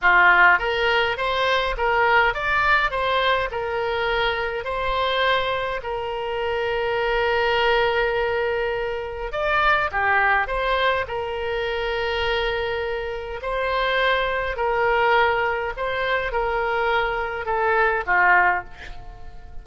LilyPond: \new Staff \with { instrumentName = "oboe" } { \time 4/4 \tempo 4 = 103 f'4 ais'4 c''4 ais'4 | d''4 c''4 ais'2 | c''2 ais'2~ | ais'1 |
d''4 g'4 c''4 ais'4~ | ais'2. c''4~ | c''4 ais'2 c''4 | ais'2 a'4 f'4 | }